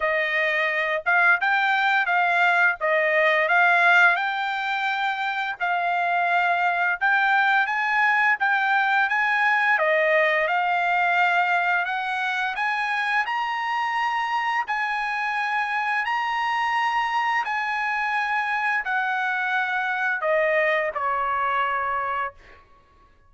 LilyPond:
\new Staff \with { instrumentName = "trumpet" } { \time 4/4 \tempo 4 = 86 dis''4. f''8 g''4 f''4 | dis''4 f''4 g''2 | f''2 g''4 gis''4 | g''4 gis''4 dis''4 f''4~ |
f''4 fis''4 gis''4 ais''4~ | ais''4 gis''2 ais''4~ | ais''4 gis''2 fis''4~ | fis''4 dis''4 cis''2 | }